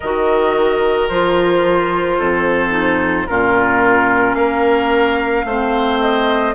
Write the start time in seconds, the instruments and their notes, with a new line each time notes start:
0.00 bassoon D#3, clarinet F#4, oboe A#4, flute D#5
1.08 bassoon F3, clarinet F4, flute C5
2.17 bassoon F2, oboe A4
2.70 clarinet D#4
3.26 bassoon A#2, clarinet C#4, oboe F4, flute A#4
4.34 bassoon A#3, oboe A#4, flute F5
5.45 bassoon A3, clarinet C4, oboe C5
6.00 flute D#5